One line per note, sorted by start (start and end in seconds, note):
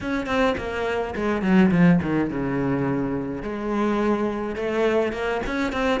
0.00 0.26 C#4
0.26 0.55 C4
0.57 1.14 A#3
1.15 1.42 G#3
1.42 1.70 F#3
1.71 1.99 F3
2.02 2.30 D#3
2.30 3.42 C#3
3.42 4.55 G#3
4.55 5.12 A3
5.12 5.41 A#3
5.46 5.72 C#4
5.72 6.00 C4